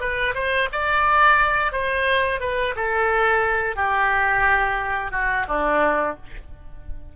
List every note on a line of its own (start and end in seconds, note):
0.00 0.34 B4
0.34 0.68 C5
0.72 1.72 D5
1.72 2.40 C5
2.40 2.74 B4
2.76 3.76 A4
3.76 5.11 G4
5.11 5.45 F#4
5.48 6.16 D4